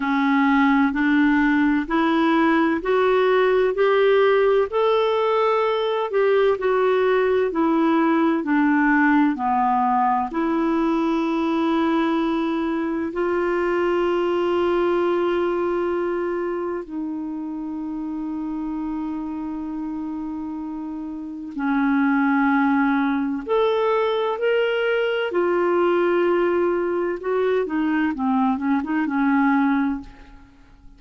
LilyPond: \new Staff \with { instrumentName = "clarinet" } { \time 4/4 \tempo 4 = 64 cis'4 d'4 e'4 fis'4 | g'4 a'4. g'8 fis'4 | e'4 d'4 b4 e'4~ | e'2 f'2~ |
f'2 dis'2~ | dis'2. cis'4~ | cis'4 a'4 ais'4 f'4~ | f'4 fis'8 dis'8 c'8 cis'16 dis'16 cis'4 | }